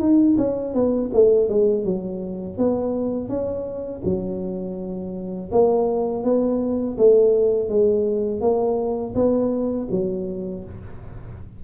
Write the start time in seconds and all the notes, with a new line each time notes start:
0.00 D#4
0.38 C#4
0.74 B3
1.14 A3
1.49 G#3
1.85 F#3
2.57 B3
3.29 C#4
4.04 F#3
5.52 A#3
6.24 B3
6.98 A3
7.69 G#3
8.41 A#3
9.15 B3
9.91 F#3